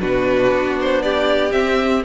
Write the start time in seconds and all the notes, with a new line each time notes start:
0.00 B2 D4 F#4 B4
0.51 B3
0.80 C5
1.02 G4 D5
1.50 C4 E5